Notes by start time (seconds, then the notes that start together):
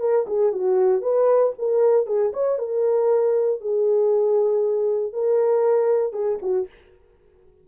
0.00 A#4
0.27 G#4
0.53 F#4
1.02 B4
1.59 A#4
2.06 G#4
2.33 C#5
2.59 A#4
3.61 G#4
5.13 A#4
6.13 G#4
6.42 F#4